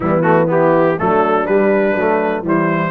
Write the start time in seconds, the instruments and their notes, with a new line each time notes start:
0.00 tuba E3, trombone G3, horn B3, trumpet E4
0.22 trombone A3, trumpet F#4
0.46 trombone B3, horn E4, trumpet G4
0.97 tuba F#3, trombone A3, horn D4, trumpet A4
1.46 tuba G3, trombone G3, trumpet B4
1.95 tuba F#3, trombone A3
2.42 tuba E3, trombone G3, horn E4, trumpet C5